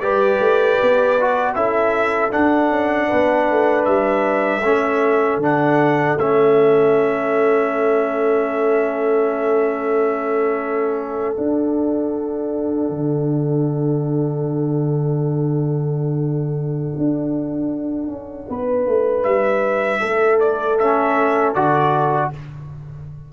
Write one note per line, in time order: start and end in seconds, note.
0.00 0.39 G3
0.00 1.17 G4
0.00 1.56 B4
0.00 1.54 D5
0.40 0.78 A3
0.82 1.55 B3
1.20 1.56 F#4
1.55 2.32 C#4
1.55 2.31 E4
1.55 3.08 A4
1.55 2.32 E5
2.31 4.61 D4
2.31 2.70 D4
2.31 3.85 F#5
2.70 3.08 C#4
3.08 3.50 B3
3.08 4.61 B4
3.50 3.87 A3
3.85 4.62 G3
3.85 5.39 E5
4.62 5.37 A3
4.62 5.41 C#4
4.68 18.49 A4
5.37 6.14 D3
5.37 6.18 D4
5.44 6.19 F#5
6.17 11.36 A3
6.17 11.37 C#4
6.17 11.36 E5
11.36 20.79 D4
11.36 12.89 D4
11.36 19.23 F#5
12.89 16.93 D3
16.97 18.08 D4
18.08 18.46 C#4
18.49 18.86 B3
18.49 20.00 B4
18.86 19.25 A3
19.23 20.02 G3
19.23 20.38 E5
20.00 21.55 A3
20.00 22.31 A4
20.40 20.78 D5
20.79 21.55 C#4
20.79 21.54 E5
21.54 22.32 D3
21.54 22.32 F#4
21.54 22.31 D5